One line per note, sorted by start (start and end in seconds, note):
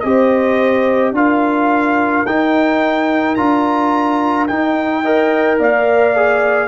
0.00 1.12 C4
0.00 1.15 G4
0.00 1.11 D#5
0.06 1.16 C5
1.12 2.23 D4
1.12 2.26 F4
1.12 5.03 A#4
1.12 2.26 F5
2.25 3.37 D#4
2.25 3.35 G5
3.35 4.48 D4
3.35 4.48 F4
3.35 4.46 A#5
4.47 5.04 D#4
4.47 5.59 D#4
4.47 5.58 G5
5.03 6.16 A#4
5.03 5.58 D#5
5.59 6.68 A#3
5.59 6.68 D5
5.59 6.68 F5
6.16 6.68 G#4